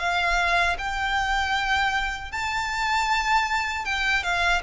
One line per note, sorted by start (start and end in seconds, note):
0.00 0.77 F5
0.79 2.32 G5
2.32 3.85 A5
3.85 4.24 G5
4.24 4.62 F5